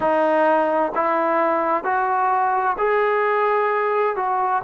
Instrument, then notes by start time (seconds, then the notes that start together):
trombone
0.00 D#4
0.94 E4
1.84 F#4
2.77 G#4
4.16 F#4